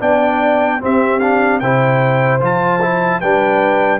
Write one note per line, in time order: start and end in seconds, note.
0.00 0.81 B3
0.00 0.80 D4
0.00 0.81 D5
0.00 0.82 G5
0.80 1.20 C4
0.80 1.62 C4
0.80 1.61 G4
0.80 1.19 E5
1.19 1.61 D4
1.19 1.59 F5
1.60 2.41 C3
1.60 2.40 E4
1.60 3.21 C5
1.60 2.40 G5
2.40 3.21 F3
2.40 2.80 F4
2.40 3.20 A5
2.82 3.22 E4
3.20 4.00 G3
3.20 4.00 D4
3.20 4.00 B4
3.20 4.00 G5